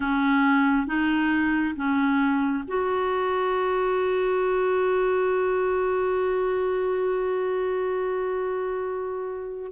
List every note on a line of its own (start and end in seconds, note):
0.00 0.86 C#4
0.86 1.74 D#4
1.76 2.64 C#4
2.67 9.72 F#4